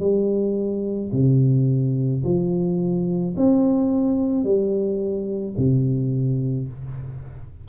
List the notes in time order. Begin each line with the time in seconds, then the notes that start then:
0.00 G3
1.12 C3
2.24 F3
3.37 C4
4.44 G3
5.57 C3